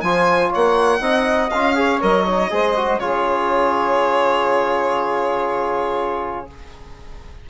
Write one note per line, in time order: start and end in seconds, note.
0.00 0.51 F3
0.00 1.00 F4
0.00 0.48 C5
0.00 0.50 G#5
0.48 0.98 C#5
0.48 1.49 F#5
0.55 1.00 A#3
1.00 1.49 C4
1.00 1.49 D#4
1.00 1.75 D#5
1.49 2.02 C#4
1.49 1.74 F4
1.49 1.99 F5
1.74 1.99 G#4
1.74 2.51 C#5
2.01 2.51 F#3
2.01 2.25 A#4
2.01 2.99 D#5
2.26 2.50 D#4
2.50 2.99 G#3
2.50 2.74 G#4
2.50 3.01 C5
2.76 3.00 F#4
2.99 6.46 C#3
2.99 6.47 F4
2.99 6.49 G#4
2.99 6.46 C#5